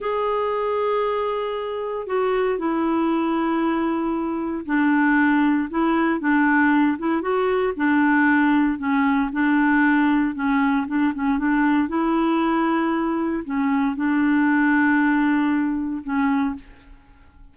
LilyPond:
\new Staff \with { instrumentName = "clarinet" } { \time 4/4 \tempo 4 = 116 gis'1 | fis'4 e'2.~ | e'4 d'2 e'4 | d'4. e'8 fis'4 d'4~ |
d'4 cis'4 d'2 | cis'4 d'8 cis'8 d'4 e'4~ | e'2 cis'4 d'4~ | d'2. cis'4 | }